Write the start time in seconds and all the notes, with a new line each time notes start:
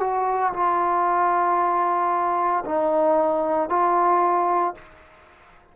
0.00 F#4
0.53 F4
2.65 D#4
3.69 F4